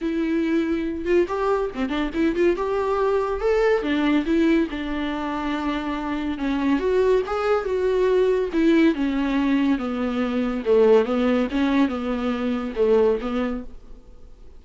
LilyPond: \new Staff \with { instrumentName = "viola" } { \time 4/4 \tempo 4 = 141 e'2~ e'8 f'8 g'4 | c'8 d'8 e'8 f'8 g'2 | a'4 d'4 e'4 d'4~ | d'2. cis'4 |
fis'4 gis'4 fis'2 | e'4 cis'2 b4~ | b4 a4 b4 cis'4 | b2 a4 b4 | }